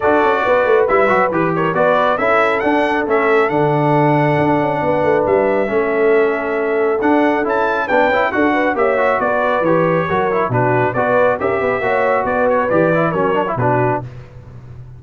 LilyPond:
<<
  \new Staff \with { instrumentName = "trumpet" } { \time 4/4 \tempo 4 = 137 d''2 e''4 b'8 cis''8 | d''4 e''4 fis''4 e''4 | fis''1 | e''1 |
fis''4 a''4 g''4 fis''4 | e''4 d''4 cis''2 | b'4 d''4 e''2 | d''8 cis''8 d''4 cis''4 b'4 | }
  \new Staff \with { instrumentName = "horn" } { \time 4/4 a'4 b'2~ b'8 ais'8 | b'4 a'2.~ | a'2. b'4~ | b'4 a'2.~ |
a'2 b'4 a'8 b'8 | cis''4 b'2 ais'4 | fis'4 b'4 ais'8 b'8 cis''4 | b'2 ais'4 fis'4 | }
  \new Staff \with { instrumentName = "trombone" } { \time 4/4 fis'2 e'8 fis'8 g'4 | fis'4 e'4 d'4 cis'4 | d'1~ | d'4 cis'2. |
d'4 e'4 d'8 e'8 fis'4 | g'8 fis'4. g'4 fis'8 e'8 | d'4 fis'4 g'4 fis'4~ | fis'4 g'8 e'8 cis'8 d'16 e'16 d'4 | }
  \new Staff \with { instrumentName = "tuba" } { \time 4/4 d'8 cis'8 b8 a8 g8 fis8 e4 | b4 cis'4 d'4 a4 | d2 d'8 cis'8 b8 a8 | g4 a2. |
d'4 cis'4 b8 cis'8 d'4 | ais4 b4 e4 fis4 | b,4 b4 cis'8 b8 ais4 | b4 e4 fis4 b,4 | }
>>